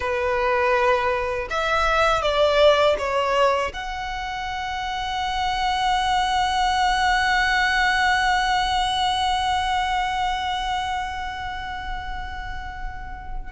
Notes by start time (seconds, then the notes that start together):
0.00 B4
1.49 E5
2.22 D5
2.98 C#5
3.73 F#5